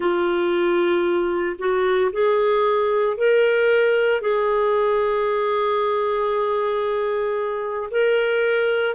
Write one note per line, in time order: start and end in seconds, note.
0.00 1.56 F4
1.58 2.11 F#4
2.12 3.17 G#4
3.17 4.21 A#4
4.21 7.89 G#4
7.90 8.95 A#4